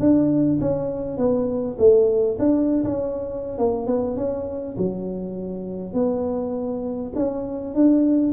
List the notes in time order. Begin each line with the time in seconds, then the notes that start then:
0.00 D4
0.61 C#4
1.18 B3
1.79 A3
2.39 D4
2.84 C#4
3.59 A#3
3.87 B3
4.17 C#4
4.78 F#3
5.94 B3
7.16 C#4
7.75 D4